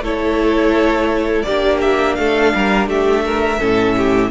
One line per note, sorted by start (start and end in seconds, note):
0.00 1.43 A3
0.00 1.46 E4
0.00 1.46 A4
0.00 1.42 C#5
1.42 2.18 A#3
1.42 3.59 D4
1.42 2.17 G4
1.42 1.78 D5
1.81 2.15 E5
2.15 2.54 A3
2.15 2.54 A4
2.15 2.86 F5
2.55 2.87 G3
2.55 2.89 A#4
2.87 3.58 A3
2.87 3.25 G4
2.87 4.30 E5
3.25 3.59 A#4
3.59 4.30 A2
3.59 4.30 C#4
3.59 3.95 A4
3.97 4.30 G4